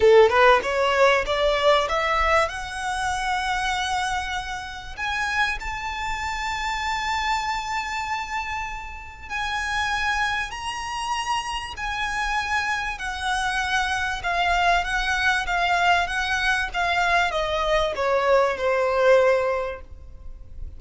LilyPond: \new Staff \with { instrumentName = "violin" } { \time 4/4 \tempo 4 = 97 a'8 b'8 cis''4 d''4 e''4 | fis''1 | gis''4 a''2.~ | a''2. gis''4~ |
gis''4 ais''2 gis''4~ | gis''4 fis''2 f''4 | fis''4 f''4 fis''4 f''4 | dis''4 cis''4 c''2 | }